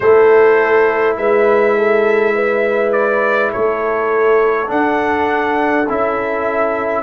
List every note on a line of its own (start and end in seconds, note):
0.00 1.17 A3
0.00 4.67 E4
0.00 1.17 A4
0.00 1.16 C5
1.17 3.52 G#3
1.17 1.76 B4
1.17 2.92 E5
1.77 2.35 A4
2.35 3.52 B4
2.92 3.50 D5
3.52 4.70 A3
3.52 7.03 A4
3.52 4.70 C#5
4.67 5.85 D4
4.67 5.87 D4
4.67 5.88 F#5
5.89 7.03 C#4
5.89 7.03 E4
5.89 7.03 E5